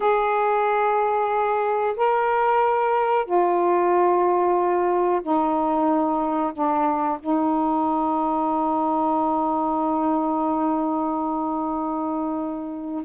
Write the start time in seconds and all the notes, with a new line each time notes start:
0.00 G#4
1.96 A#4
3.25 F4
5.22 D#4
6.53 D4
7.19 D#4